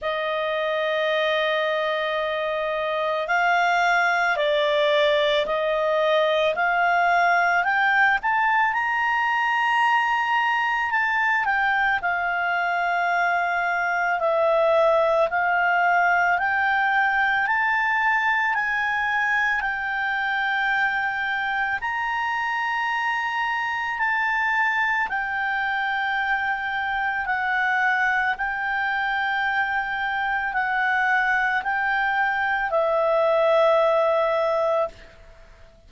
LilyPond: \new Staff \with { instrumentName = "clarinet" } { \time 4/4 \tempo 4 = 55 dis''2. f''4 | d''4 dis''4 f''4 g''8 a''8 | ais''2 a''8 g''8 f''4~ | f''4 e''4 f''4 g''4 |
a''4 gis''4 g''2 | ais''2 a''4 g''4~ | g''4 fis''4 g''2 | fis''4 g''4 e''2 | }